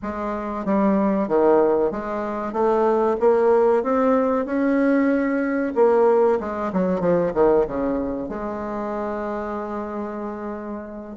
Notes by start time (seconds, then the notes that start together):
0.02 G#3
0.65 G3
1.28 D#3
1.91 G#3
2.52 A3
3.19 A#3
3.83 C4
4.45 C#4
5.75 A#3
6.40 G#3
6.72 F#3
7.00 F3
7.33 D#3
7.67 C#3
8.29 G#3